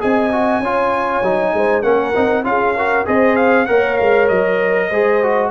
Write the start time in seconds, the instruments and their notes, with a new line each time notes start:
0.00 tuba C4, trombone G#4, horn D#5, trumpet G#5
0.32 trombone F#4
0.60 tuba C#4, trombone F4, horn C#5
1.23 tuba F#3, trombone D#4
1.53 tuba G#3, horn C5
1.83 tuba A#3, trombone C#4, horn A#4, trumpet F#5
2.15 tuba C4, trombone D#4
2.44 tuba C#4, trombone F4, horn G#4, trumpet F5
2.77 trombone F#4, horn A#4
3.05 tuba C4, trombone G#4, horn C5, trumpet D#5
3.36 trumpet F5
3.66 tuba A#3, trombone A#4, horn C#5, trumpet F#5
3.97 tuba G#3, trumpet F5
4.28 tuba F#3, trumpet D#5
4.90 tuba G#3, trombone G#4, horn C5
5.23 trombone F#4